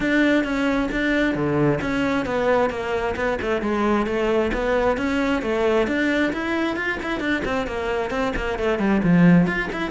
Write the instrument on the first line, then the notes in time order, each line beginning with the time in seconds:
cello
0.00 D4
0.44 C#4
0.91 D4
1.34 D3
1.81 C#4
2.25 B3
2.70 A#3
3.16 B3
3.41 A3
3.61 G#3
4.06 A3
4.53 B3
4.97 C#4
5.42 A3
5.87 D4
6.33 E4
6.76 F4
7.02 E4
7.20 D4
7.45 C4
7.66 A#3
8.10 C4
8.36 A#3
8.58 A3
8.78 G3
9.03 F3
9.46 F4
9.72 E4